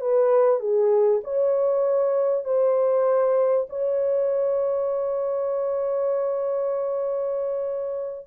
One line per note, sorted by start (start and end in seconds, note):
0.00 0.60 B4
0.60 1.21 G#4
1.24 2.44 C#5
2.44 3.67 C5
3.69 8.27 C#5